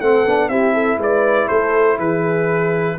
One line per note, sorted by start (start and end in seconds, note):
0.00 0.25 A3
0.00 0.26 C4
0.00 0.50 A4
0.00 0.49 F#5
0.25 0.48 B3
0.25 0.50 D4
0.48 0.97 C4
0.48 2.98 E4
0.48 0.73 G4
0.48 0.98 E5
0.73 0.98 A4
0.97 1.47 G#3
0.97 1.47 B4
0.97 1.48 D5
1.47 1.98 A3
1.47 1.97 A4
1.47 1.97 C5
1.97 2.97 E3
1.97 2.96 G#4
1.97 2.98 B4